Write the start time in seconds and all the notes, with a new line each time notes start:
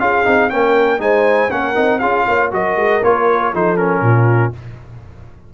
0.00 C#4 F4 G#4 F5
0.24 C4 D#4
0.50 A#3 C#4 A#4 G5
0.99 G#3 D#4 C5 G#5
1.51 A#3 C#4 A#4 F#5
1.75 C4 D#4
1.99 C#4 F4 G#4 F5
2.26 A#3 C#5
2.51 F#3 F#4 A#4 D#5
2.76 G#3
3.03 A#3 F4 C#5
3.53 F3 D#4 A4 C5
3.77 C#4 A#4
4.01 A#2 F4